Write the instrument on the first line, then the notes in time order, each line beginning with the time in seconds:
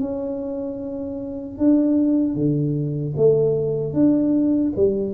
tuba
0.00 C#4
1.58 D4
2.35 D3
3.16 A3
3.93 D4
4.76 G3